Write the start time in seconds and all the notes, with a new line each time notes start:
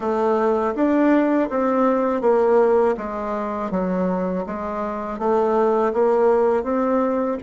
0.00 A3
0.75 D4
1.49 C4
2.21 A#3
2.97 G#3
3.70 F#3
4.46 G#3
5.19 A3
5.93 A#3
6.63 C4